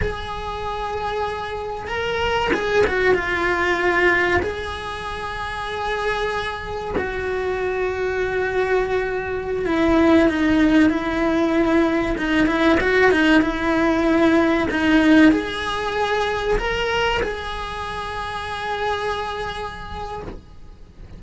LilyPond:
\new Staff \with { instrumentName = "cello" } { \time 4/4 \tempo 4 = 95 gis'2. ais'4 | gis'8 fis'8 f'2 gis'4~ | gis'2. fis'4~ | fis'2.~ fis'16 e'8.~ |
e'16 dis'4 e'2 dis'8 e'16~ | e'16 fis'8 dis'8 e'2 dis'8.~ | dis'16 gis'2 ais'4 gis'8.~ | gis'1 | }